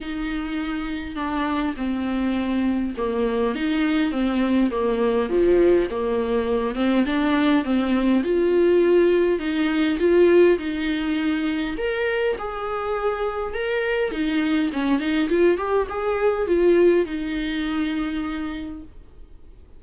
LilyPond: \new Staff \with { instrumentName = "viola" } { \time 4/4 \tempo 4 = 102 dis'2 d'4 c'4~ | c'4 ais4 dis'4 c'4 | ais4 f4 ais4. c'8 | d'4 c'4 f'2 |
dis'4 f'4 dis'2 | ais'4 gis'2 ais'4 | dis'4 cis'8 dis'8 f'8 g'8 gis'4 | f'4 dis'2. | }